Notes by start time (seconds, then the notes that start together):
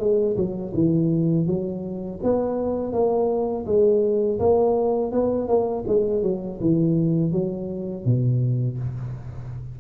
0.00 G#3
0.37 F#3
0.75 E3
1.47 F#3
2.24 B3
2.93 A#3
3.66 G#3
4.40 A#3
5.12 B3
5.48 A#3
5.88 G#3
6.23 F#3
6.61 E3
7.32 F#3
8.06 B2